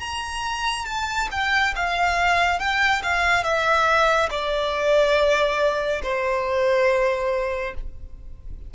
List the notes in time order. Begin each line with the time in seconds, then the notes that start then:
0.00 A#5
0.86 A5
1.31 G5
1.76 F5
2.59 G5
3.03 F5
3.44 E5
4.31 D5
6.03 C5